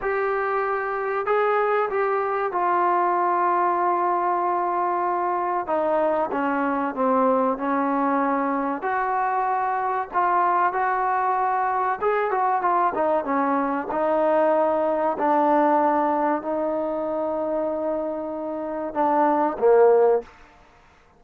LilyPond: \new Staff \with { instrumentName = "trombone" } { \time 4/4 \tempo 4 = 95 g'2 gis'4 g'4 | f'1~ | f'4 dis'4 cis'4 c'4 | cis'2 fis'2 |
f'4 fis'2 gis'8 fis'8 | f'8 dis'8 cis'4 dis'2 | d'2 dis'2~ | dis'2 d'4 ais4 | }